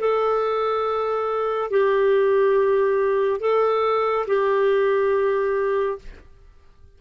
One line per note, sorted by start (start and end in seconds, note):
0.00 1.71 A4
1.71 3.41 G4
3.41 4.26 A4
4.27 5.99 G4